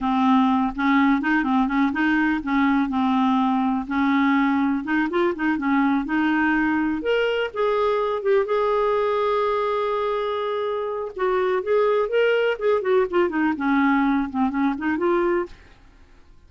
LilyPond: \new Staff \with { instrumentName = "clarinet" } { \time 4/4 \tempo 4 = 124 c'4. cis'4 dis'8 c'8 cis'8 | dis'4 cis'4 c'2 | cis'2 dis'8 f'8 dis'8 cis'8~ | cis'8 dis'2 ais'4 gis'8~ |
gis'4 g'8 gis'2~ gis'8~ | gis'2. fis'4 | gis'4 ais'4 gis'8 fis'8 f'8 dis'8 | cis'4. c'8 cis'8 dis'8 f'4 | }